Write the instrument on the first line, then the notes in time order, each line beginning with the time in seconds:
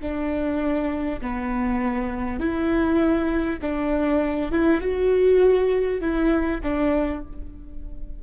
viola
0.00 D4
1.21 B3
2.39 E4
3.61 D4
4.51 E4
4.81 F#4
6.01 E4
6.63 D4